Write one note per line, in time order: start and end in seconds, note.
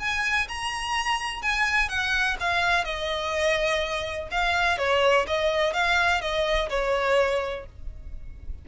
0.00 0.48 G#5
0.49 1.42 A#5
1.42 1.90 G#5
1.90 2.38 F#5
2.40 2.85 F5
2.85 4.29 D#5
4.32 4.79 F5
4.79 5.27 C#5
5.28 5.74 D#5
5.74 6.22 F5
6.22 6.70 D#5
6.70 7.66 C#5